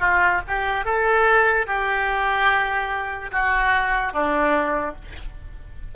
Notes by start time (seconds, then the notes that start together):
0.00 F4
0.47 G4
0.85 A4
1.67 G4
3.31 F#4
4.13 D4